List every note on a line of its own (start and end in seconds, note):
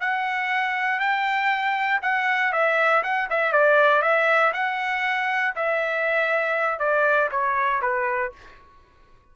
0.00 0.99 F#5
0.99 2.00 G5
2.01 2.52 F#5
2.52 3.03 E5
3.03 3.28 F#5
3.30 3.52 E5
3.52 4.02 D5
4.02 4.52 E5
4.53 5.54 F#5
5.56 6.79 E5
6.79 7.29 D5
7.31 7.81 C#5
7.81 8.31 B4